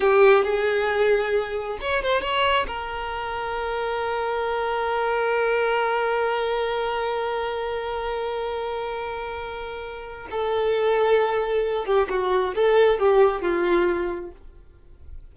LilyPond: \new Staff \with { instrumentName = "violin" } { \time 4/4 \tempo 4 = 134 g'4 gis'2. | cis''8 c''8 cis''4 ais'2~ | ais'1~ | ais'1~ |
ais'1~ | ais'2. a'4~ | a'2~ a'8 g'8 fis'4 | a'4 g'4 f'2 | }